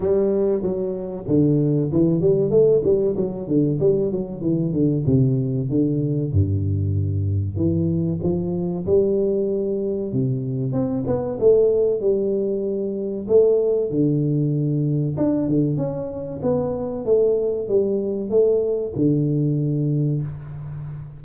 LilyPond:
\new Staff \with { instrumentName = "tuba" } { \time 4/4 \tempo 4 = 95 g4 fis4 d4 e8 g8 | a8 g8 fis8 d8 g8 fis8 e8 d8 | c4 d4 g,2 | e4 f4 g2 |
c4 c'8 b8 a4 g4~ | g4 a4 d2 | d'8 d8 cis'4 b4 a4 | g4 a4 d2 | }